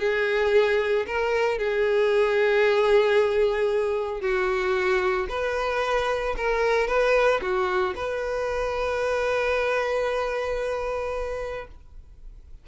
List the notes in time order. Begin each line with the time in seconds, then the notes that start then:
0.00 G#4
1.07 A#4
1.59 G#4
4.21 F#4
5.30 B4
6.38 A#4
6.88 B4
7.42 F#4
7.96 B4